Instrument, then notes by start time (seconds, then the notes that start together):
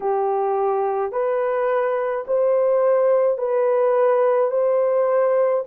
horn
0.00 G4
1.12 B4
2.26 C5
3.38 B4
4.50 C5